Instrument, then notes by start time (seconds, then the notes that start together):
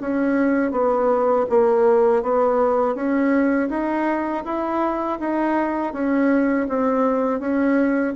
bassoon
0.00 C#4
0.71 B3
1.49 A#3
2.22 B3
2.95 C#4
3.69 D#4
4.44 E4
5.20 D#4
5.93 C#4
6.68 C4
7.39 C#4